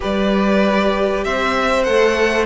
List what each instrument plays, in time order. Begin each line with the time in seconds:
0.00 cello G3, viola G4, violin B4 D5
1.24 cello C4, violin C5 E5
1.83 cello A3, viola A4, violin F#5